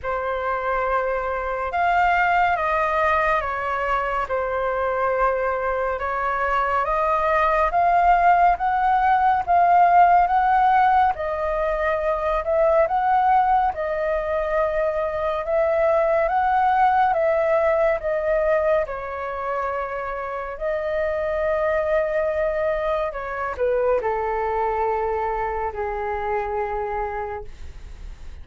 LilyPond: \new Staff \with { instrumentName = "flute" } { \time 4/4 \tempo 4 = 70 c''2 f''4 dis''4 | cis''4 c''2 cis''4 | dis''4 f''4 fis''4 f''4 | fis''4 dis''4. e''8 fis''4 |
dis''2 e''4 fis''4 | e''4 dis''4 cis''2 | dis''2. cis''8 b'8 | a'2 gis'2 | }